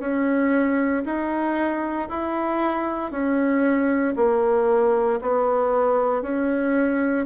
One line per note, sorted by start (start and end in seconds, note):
0.00 1.03 C#4
1.05 2.09 D#4
2.09 3.11 E4
3.11 4.15 C#4
4.17 5.20 A#3
5.21 6.23 B3
6.23 7.26 C#4